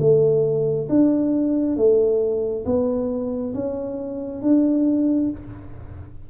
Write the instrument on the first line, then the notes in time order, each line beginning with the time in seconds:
tuba
0.00 A3
0.89 D4
1.77 A3
2.66 B3
3.55 C#4
4.42 D4